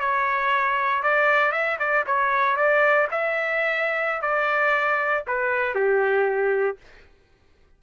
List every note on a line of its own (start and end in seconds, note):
0.00 1.03 C#5
1.03 1.52 D5
1.52 1.78 E5
1.79 2.05 D5
2.06 2.56 C#5
2.56 3.07 D5
3.11 4.21 E5
4.21 5.24 D5
5.27 5.74 B4
5.74 6.77 G4